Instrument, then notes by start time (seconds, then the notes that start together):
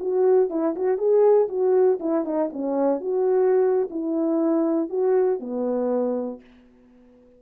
horn
0.00 F#4
0.50 E4
0.76 F#4
0.98 G#4
1.49 F#4
2.00 E4
2.25 D#4
2.53 C#4
3.01 F#4
3.91 E4
4.90 F#4
5.40 B3